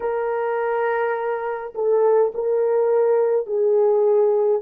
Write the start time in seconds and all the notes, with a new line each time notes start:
0.00 A#4
1.74 A4
2.34 A#4
3.46 G#4